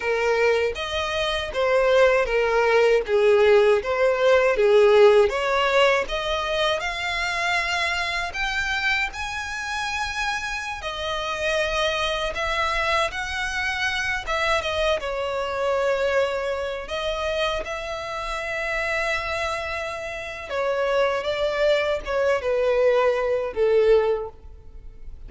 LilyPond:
\new Staff \with { instrumentName = "violin" } { \time 4/4 \tempo 4 = 79 ais'4 dis''4 c''4 ais'4 | gis'4 c''4 gis'4 cis''4 | dis''4 f''2 g''4 | gis''2~ gis''16 dis''4.~ dis''16~ |
dis''16 e''4 fis''4. e''8 dis''8 cis''16~ | cis''2~ cis''16 dis''4 e''8.~ | e''2. cis''4 | d''4 cis''8 b'4. a'4 | }